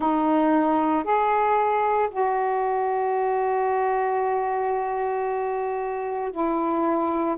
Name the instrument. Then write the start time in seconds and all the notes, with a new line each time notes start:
saxophone
0.00 D#4
1.03 G#4
2.10 F#4
6.31 E4